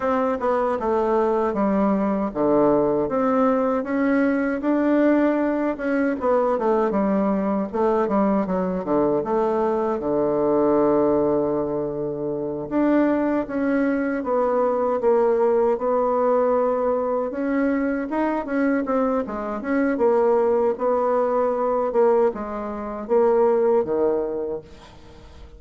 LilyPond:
\new Staff \with { instrumentName = "bassoon" } { \time 4/4 \tempo 4 = 78 c'8 b8 a4 g4 d4 | c'4 cis'4 d'4. cis'8 | b8 a8 g4 a8 g8 fis8 d8 | a4 d2.~ |
d8 d'4 cis'4 b4 ais8~ | ais8 b2 cis'4 dis'8 | cis'8 c'8 gis8 cis'8 ais4 b4~ | b8 ais8 gis4 ais4 dis4 | }